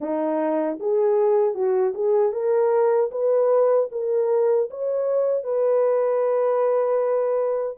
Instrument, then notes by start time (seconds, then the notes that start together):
horn
0.00 D#4
0.79 G#4
1.54 F#4
1.94 G#4
2.32 A#4
3.11 B4
3.91 A#4
4.70 C#5
5.43 B4